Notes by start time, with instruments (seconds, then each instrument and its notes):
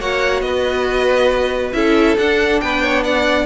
0.00 cello A#3, viola F#4, violin C#5 F#5
0.41 cello B3, violin B4 D#5
1.73 cello C#4, viola E4, violin A4 E5
2.18 cello D4, viola D4, violin F#5
2.61 cello B3, violin B4 G5
2.82 violin C#5
3.04 violin D5 F#5